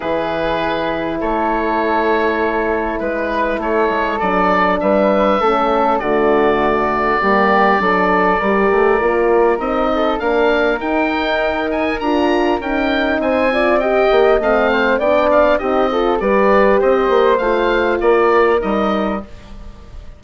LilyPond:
<<
  \new Staff \with { instrumentName = "oboe" } { \time 4/4 \tempo 4 = 100 b'2 cis''2~ | cis''4 b'4 cis''4 d''4 | e''2 d''2~ | d''1 |
dis''4 f''4 g''4. gis''8 | ais''4 g''4 gis''4 g''4 | f''4 g''8 f''8 dis''4 d''4 | dis''4 f''4 d''4 dis''4 | }
  \new Staff \with { instrumentName = "flute" } { \time 4/4 gis'2 a'2~ | a'4 b'4 a'2 | b'4 a'4 fis'2 | g'4 a'4 ais'2~ |
ais'8 a'8 ais'2.~ | ais'2 c''8 d''8 dis''4~ | dis''8 c''8 d''4 g'8 a'8 b'4 | c''2 ais'2 | }
  \new Staff \with { instrumentName = "horn" } { \time 4/4 e'1~ | e'2. d'4~ | d'4 cis'4 a2 | ais4 d'4 g'4 f'4 |
dis'4 d'4 dis'2 | f'4 dis'4. f'8 g'4 | c'4 d'4 dis'8 f'8 g'4~ | g'4 f'2 dis'4 | }
  \new Staff \with { instrumentName = "bassoon" } { \time 4/4 e2 a2~ | a4 gis4 a8 gis8 fis4 | g4 a4 d2 | g4 fis4 g8 a8 ais4 |
c'4 ais4 dis'2 | d'4 cis'4 c'4. ais8 | a4 b4 c'4 g4 | c'8 ais8 a4 ais4 g4 | }
>>